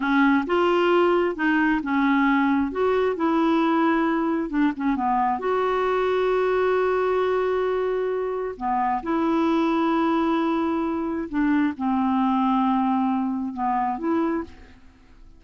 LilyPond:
\new Staff \with { instrumentName = "clarinet" } { \time 4/4 \tempo 4 = 133 cis'4 f'2 dis'4 | cis'2 fis'4 e'4~ | e'2 d'8 cis'8 b4 | fis'1~ |
fis'2. b4 | e'1~ | e'4 d'4 c'2~ | c'2 b4 e'4 | }